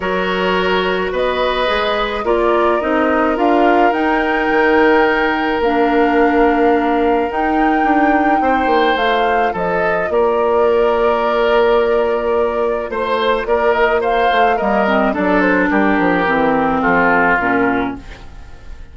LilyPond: <<
  \new Staff \with { instrumentName = "flute" } { \time 4/4 \tempo 4 = 107 cis''2 dis''2 | d''4 dis''4 f''4 g''4~ | g''2 f''2~ | f''4 g''2. |
f''4 dis''4 d''2~ | d''2. c''4 | d''8 dis''8 f''4 dis''4 d''8 c''8 | ais'2 a'4 ais'4 | }
  \new Staff \with { instrumentName = "oboe" } { \time 4/4 ais'2 b'2 | ais'1~ | ais'1~ | ais'2. c''4~ |
c''4 a'4 ais'2~ | ais'2. c''4 | ais'4 c''4 ais'4 a'4 | g'2 f'2 | }
  \new Staff \with { instrumentName = "clarinet" } { \time 4/4 fis'2. gis'4 | f'4 dis'4 f'4 dis'4~ | dis'2 d'2~ | d'4 dis'2. |
f'1~ | f'1~ | f'2 ais8 c'8 d'4~ | d'4 c'2 cis'4 | }
  \new Staff \with { instrumentName = "bassoon" } { \time 4/4 fis2 b4 gis4 | ais4 c'4 d'4 dis'4 | dis2 ais2~ | ais4 dis'4 d'4 c'8 ais8 |
a4 f4 ais2~ | ais2. a4 | ais4. a8 g4 fis4 | g8 f8 e4 f4 ais,4 | }
>>